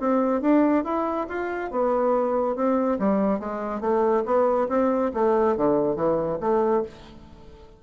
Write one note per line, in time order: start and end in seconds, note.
0.00 0.42 C4
0.42 0.84 D4
0.85 1.27 E4
1.29 1.71 F4
1.71 2.56 B3
2.56 2.98 C4
2.99 3.40 G3
3.40 3.81 G#3
3.81 4.23 A3
4.26 4.68 B3
4.69 5.11 C4
5.14 5.57 A3
5.57 5.96 D3
5.96 6.38 E3
6.40 6.83 A3